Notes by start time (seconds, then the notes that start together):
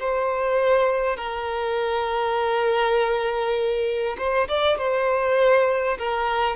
0.00 C5
1.17 A#4
4.18 C5
4.48 D5
4.78 C5
5.99 A#4